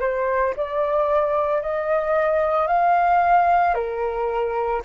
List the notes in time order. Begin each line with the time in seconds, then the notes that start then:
0.00 C5
0.56 D5
1.62 D#5
2.67 F5
3.74 A#4